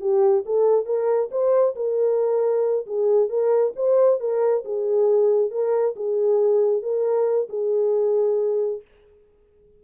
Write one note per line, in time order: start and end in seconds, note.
0.00 0.44 G4
0.46 0.85 A4
0.85 1.30 A#4
1.31 1.75 C5
1.75 2.86 A#4
2.86 3.29 G#4
3.29 3.73 A#4
3.76 4.20 C5
4.20 4.64 A#4
4.64 5.51 G#4
5.51 5.95 A#4
5.96 6.82 G#4
6.82 7.48 A#4
7.49 8.81 G#4